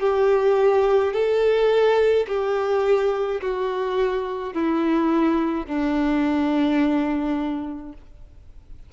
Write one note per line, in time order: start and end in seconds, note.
0.00 1.13 G4
1.13 2.26 A4
2.27 3.41 G4
3.41 4.53 F#4
4.53 5.67 E4
5.67 7.93 D4